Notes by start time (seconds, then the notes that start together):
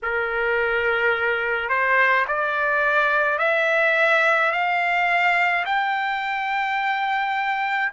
0.02 A#4
1.69 C5
2.27 D5
3.38 E5
4.51 F5
5.65 G5